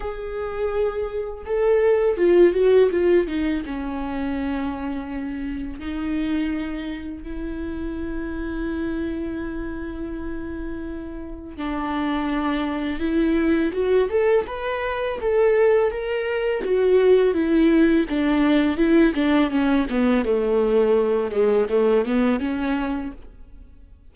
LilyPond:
\new Staff \with { instrumentName = "viola" } { \time 4/4 \tempo 4 = 83 gis'2 a'4 f'8 fis'8 | f'8 dis'8 cis'2. | dis'2 e'2~ | e'1 |
d'2 e'4 fis'8 a'8 | b'4 a'4 ais'4 fis'4 | e'4 d'4 e'8 d'8 cis'8 b8 | a4. gis8 a8 b8 cis'4 | }